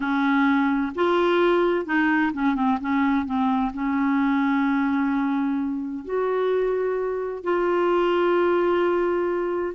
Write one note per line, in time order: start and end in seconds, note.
0.00 0.92 C#4
0.95 1.85 F4
1.85 2.32 D#4
2.33 2.55 C#4
2.55 2.78 C4
2.80 3.25 C#4
3.25 3.72 C4
3.73 6.04 C#4
6.04 7.43 F#4
7.43 9.74 F4